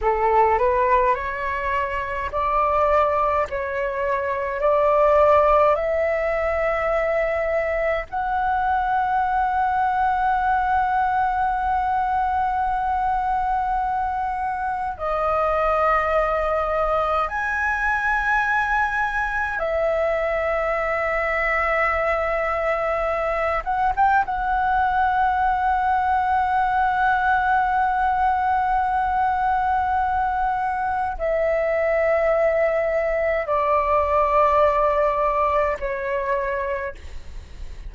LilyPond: \new Staff \with { instrumentName = "flute" } { \time 4/4 \tempo 4 = 52 a'8 b'8 cis''4 d''4 cis''4 | d''4 e''2 fis''4~ | fis''1~ | fis''4 dis''2 gis''4~ |
gis''4 e''2.~ | e''8 fis''16 g''16 fis''2.~ | fis''2. e''4~ | e''4 d''2 cis''4 | }